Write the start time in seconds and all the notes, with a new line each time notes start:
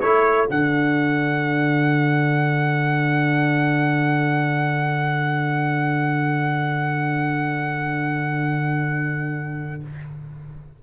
0.00 A3 E4 A4 C#5
0.47 D3 D4 F#5